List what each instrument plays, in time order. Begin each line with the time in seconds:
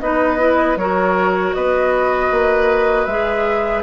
0.00 bassoon B3, clarinet D#4, oboe B4, flute D#5
0.38 clarinet E4
0.76 bassoon F#3, clarinet F#4, oboe A#4, flute C#5
1.53 bassoon B3, oboe B4, flute D#5
2.31 bassoon A#3
3.05 bassoon G#3, clarinet G#4, flute E5